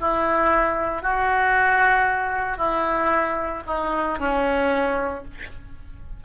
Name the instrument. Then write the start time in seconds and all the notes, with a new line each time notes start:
oboe
0.00 E4
1.02 F#4
2.58 E4
3.67 D#4
4.19 C#4